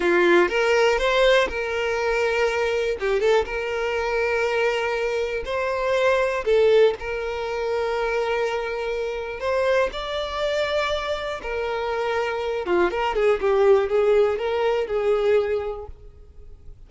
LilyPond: \new Staff \with { instrumentName = "violin" } { \time 4/4 \tempo 4 = 121 f'4 ais'4 c''4 ais'4~ | ais'2 g'8 a'8 ais'4~ | ais'2. c''4~ | c''4 a'4 ais'2~ |
ais'2. c''4 | d''2. ais'4~ | ais'4. f'8 ais'8 gis'8 g'4 | gis'4 ais'4 gis'2 | }